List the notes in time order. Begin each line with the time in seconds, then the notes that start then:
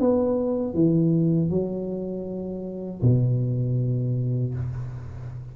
0.00 B3
0.74 E3
1.50 F#3
3.02 B2